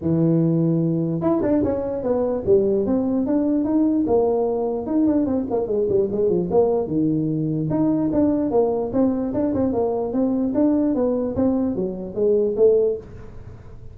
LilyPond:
\new Staff \with { instrumentName = "tuba" } { \time 4/4 \tempo 4 = 148 e2. e'8 d'8 | cis'4 b4 g4 c'4 | d'4 dis'4 ais2 | dis'8 d'8 c'8 ais8 gis8 g8 gis8 f8 |
ais4 dis2 dis'4 | d'4 ais4 c'4 d'8 c'8 | ais4 c'4 d'4 b4 | c'4 fis4 gis4 a4 | }